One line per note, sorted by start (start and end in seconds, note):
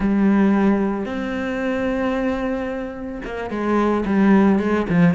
0.00 1.05 G3
1.05 3.21 C4
3.24 3.50 A#3
3.50 4.04 G#3
4.05 4.59 G3
4.59 4.86 G#3
4.89 5.14 F3